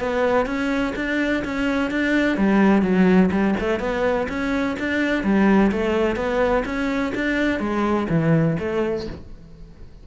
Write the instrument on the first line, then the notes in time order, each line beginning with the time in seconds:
cello
0.00 B3
0.46 C#4
0.96 D4
1.45 C#4
1.91 D4
2.37 G3
2.82 F#3
3.31 G3
3.60 A3
3.80 B3
4.29 C#4
4.79 D4
5.24 G3
5.72 A3
6.16 B3
6.65 C#4
7.15 D4
7.60 G#3
8.10 E3
8.59 A3